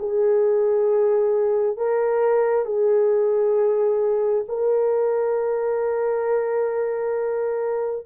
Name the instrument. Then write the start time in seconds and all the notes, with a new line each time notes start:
horn
0.00 G#4
1.77 A#4
2.66 G#4
4.49 A#4